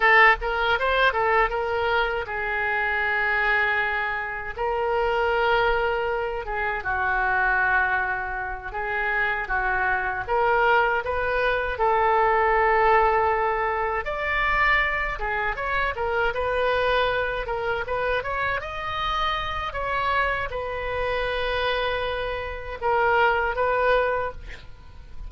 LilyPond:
\new Staff \with { instrumentName = "oboe" } { \time 4/4 \tempo 4 = 79 a'8 ais'8 c''8 a'8 ais'4 gis'4~ | gis'2 ais'2~ | ais'8 gis'8 fis'2~ fis'8 gis'8~ | gis'8 fis'4 ais'4 b'4 a'8~ |
a'2~ a'8 d''4. | gis'8 cis''8 ais'8 b'4. ais'8 b'8 | cis''8 dis''4. cis''4 b'4~ | b'2 ais'4 b'4 | }